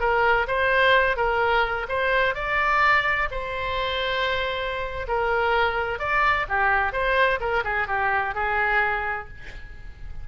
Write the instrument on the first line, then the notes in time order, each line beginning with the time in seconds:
oboe
0.00 A#4
0.48 C5
1.17 A#4
1.89 C5
2.35 D5
3.31 C5
5.08 A#4
5.99 D5
6.49 G4
6.93 C5
7.40 A#4
7.64 G#4
7.88 G4
8.35 G#4